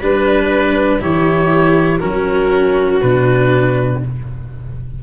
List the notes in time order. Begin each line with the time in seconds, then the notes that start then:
0.00 G3 D4 B4
1.00 E3 E4 G4 C#5
2.00 F#3 C#4 F#4 A#4
3.01 B2 D4 B4